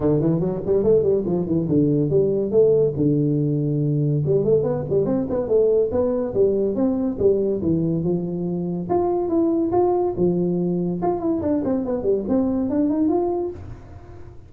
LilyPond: \new Staff \with { instrumentName = "tuba" } { \time 4/4 \tempo 4 = 142 d8 e8 fis8 g8 a8 g8 f8 e8 | d4 g4 a4 d4~ | d2 g8 a8 b8 g8 | c'8 b8 a4 b4 g4 |
c'4 g4 e4 f4~ | f4 f'4 e'4 f'4 | f2 f'8 e'8 d'8 c'8 | b8 g8 c'4 d'8 dis'8 f'4 | }